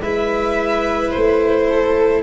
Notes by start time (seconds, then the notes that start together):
0.00 G#3 E4 B4 E5
1.10 A3 C5
1.70 A4